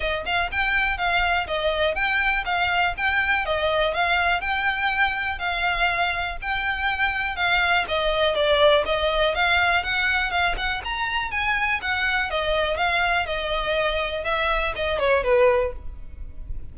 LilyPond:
\new Staff \with { instrumentName = "violin" } { \time 4/4 \tempo 4 = 122 dis''8 f''8 g''4 f''4 dis''4 | g''4 f''4 g''4 dis''4 | f''4 g''2 f''4~ | f''4 g''2 f''4 |
dis''4 d''4 dis''4 f''4 | fis''4 f''8 fis''8 ais''4 gis''4 | fis''4 dis''4 f''4 dis''4~ | dis''4 e''4 dis''8 cis''8 b'4 | }